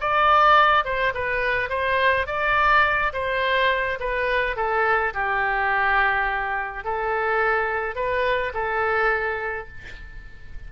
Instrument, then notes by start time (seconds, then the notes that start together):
oboe
0.00 D5
0.84 C5
1.14 B4
1.69 C5
2.26 D5
3.12 C5
3.99 B4
4.56 A4
5.14 G4
6.84 A4
7.95 B4
8.53 A4